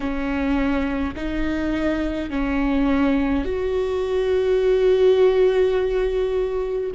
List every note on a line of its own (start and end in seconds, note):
0.00 1.14 C#4
1.15 2.30 D#4
2.30 3.45 C#4
3.45 6.91 F#4